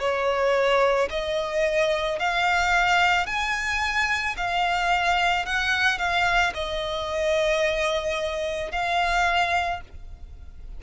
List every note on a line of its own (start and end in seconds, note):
0.00 1.09 C#5
1.11 2.20 D#5
2.20 3.27 F5
3.27 4.36 G#5
4.37 5.46 F5
5.46 5.99 F#5
5.99 6.54 F5
6.55 8.72 D#5
8.72 9.81 F5